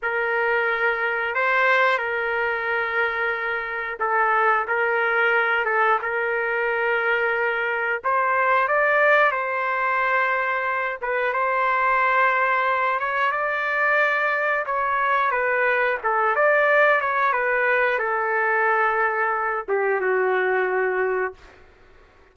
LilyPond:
\new Staff \with { instrumentName = "trumpet" } { \time 4/4 \tempo 4 = 90 ais'2 c''4 ais'4~ | ais'2 a'4 ais'4~ | ais'8 a'8 ais'2. | c''4 d''4 c''2~ |
c''8 b'8 c''2~ c''8 cis''8 | d''2 cis''4 b'4 | a'8 d''4 cis''8 b'4 a'4~ | a'4. g'8 fis'2 | }